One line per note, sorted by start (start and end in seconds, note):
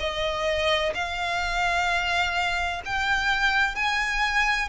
0.00 0.94 D#5
0.95 2.82 F5
2.86 3.75 G5
3.75 4.69 G#5